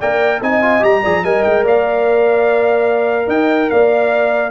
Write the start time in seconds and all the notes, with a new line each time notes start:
0.00 A#3 A#4 D5 G5
0.42 C4 D#4 D#5 G#5
0.62 F4
0.80 G3 G4 A#5
1.02 F3 G#4 D5
1.24 G3 A#4 D#5 G#5
1.43 G#3 G5
1.64 A#3 D5 F5
3.27 D#4 D#5 G5
3.70 A#3 D5 F5